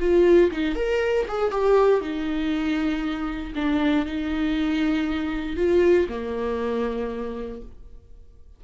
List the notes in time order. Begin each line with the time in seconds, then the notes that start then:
0.00 F4
0.51 D#4
0.75 A#4
1.28 G#4
1.51 G4
2.01 D#4
3.55 D4
4.06 D#4
5.57 F4
6.09 A#3